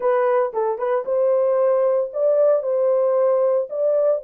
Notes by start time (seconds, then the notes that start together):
0.00 B4
0.53 A4
0.78 B4
1.05 C5
2.13 D5
2.62 C5
3.69 D5